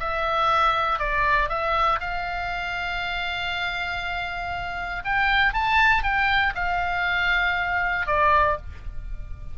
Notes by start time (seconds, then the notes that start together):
0.00 E5
0.99 D5
1.49 E5
2.00 F5
5.04 G5
5.54 A5
6.03 G5
6.55 F5
8.07 D5